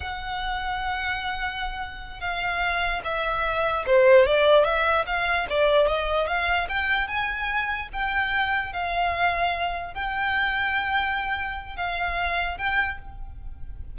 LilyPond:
\new Staff \with { instrumentName = "violin" } { \time 4/4 \tempo 4 = 148 fis''1~ | fis''4. f''2 e''8~ | e''4. c''4 d''4 e''8~ | e''8 f''4 d''4 dis''4 f''8~ |
f''8 g''4 gis''2 g''8~ | g''4. f''2~ f''8~ | f''8 g''2.~ g''8~ | g''4 f''2 g''4 | }